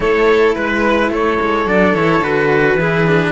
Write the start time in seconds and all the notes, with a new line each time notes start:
0.00 A3 E4 A4 C#5
0.55 G#3 B4
1.11 A3 A4 C#5
1.40 G#3
1.65 F#3 D4 D5
1.94 E3 E4 C#5
2.20 D3 F#4 B4
2.75 E3 E4 G#4
3.07 D4